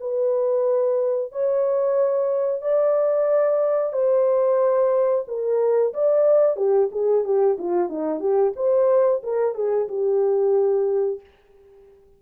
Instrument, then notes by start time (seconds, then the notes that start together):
horn
0.00 B4
1.32 C#5
2.62 D5
3.93 C5
5.27 A#4
5.93 D5
6.57 G4
6.91 G#4
7.24 G4
7.59 F4
7.89 D#4
8.20 G4
8.56 C5
9.23 A#4
9.55 G#4
9.88 G4